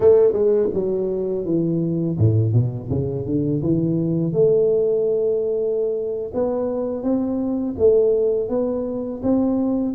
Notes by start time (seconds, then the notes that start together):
0.00 A3
0.33 G#3
0.73 F#3
1.45 E3
2.18 A2
2.52 B2
2.89 C#3
3.25 D3
3.62 E3
4.32 A3
6.34 B3
7.03 C4
7.78 A3
8.48 B3
9.23 C4